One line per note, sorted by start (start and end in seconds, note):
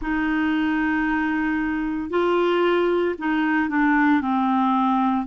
0.01 2.10 D#4
2.10 3.15 F4
3.18 3.69 D#4
3.69 4.21 D4
4.21 5.26 C4